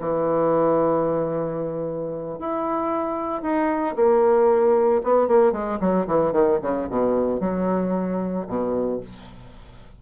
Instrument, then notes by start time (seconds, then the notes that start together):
bassoon
0.00 E3
2.39 E4
3.42 D#4
3.95 A#3
5.03 B3
5.27 A#3
5.52 G#3
5.80 F#3
6.07 E3
6.32 D#3
6.61 C#3
6.89 B2
7.40 F#3
8.47 B2